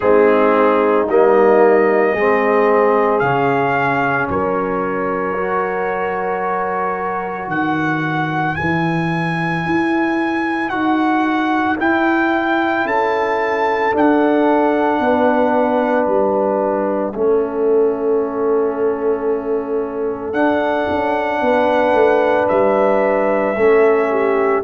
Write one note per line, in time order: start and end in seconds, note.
0.00 1.08 G#3
0.00 1.07 C4
0.00 2.12 D#4
0.00 1.06 G#4
1.08 2.15 G3
1.08 2.16 A#3
1.08 3.19 D#5
2.12 3.21 G#3
2.12 3.22 C4
2.12 4.26 G#4
3.19 4.28 C#3
3.19 5.37 C#4
3.19 4.26 F5
4.28 7.47 F#3
4.28 7.50 A#4
4.28 7.50 C#5
5.37 8.57 F#4
7.47 8.54 D#3
7.47 12.85 B4
7.47 8.55 F#5
8.55 9.65 E3
8.55 10.70 E4
8.55 10.69 G#5
9.65 10.69 E4
10.69 11.77 D#4
10.69 11.77 F#4
10.69 11.76 F#5
11.79 13.92 E4
11.79 12.85 E4
11.79 12.87 G5
12.85 13.92 C#4
12.85 15.00 A4
12.85 13.94 A5
13.92 17.13 D4
13.92 14.99 D4
13.92 16.06 F#5
14.99 16.06 B3
14.99 17.15 B4
16.06 17.14 G3
16.06 20.33 E5
17.14 20.33 A3
17.14 20.33 C#4
17.14 21.42 A4
20.33 20.86 D4
20.33 23.55 D4
20.33 22.47 F#5
20.90 21.41 C#4
21.41 21.92 B3
21.41 23.56 B4
21.92 22.46 A3
22.48 23.56 G3
22.48 24.62 E5
23.56 24.63 A3
23.56 24.63 C#4
23.56 24.09 A4
24.10 24.63 G4